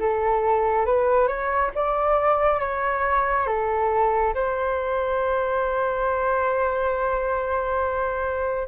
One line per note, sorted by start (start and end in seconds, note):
0.00 0.86 A4
0.86 1.28 B4
1.28 1.72 C#5
1.75 2.60 D5
2.60 3.47 C#5
3.47 4.34 A4
4.35 8.68 C5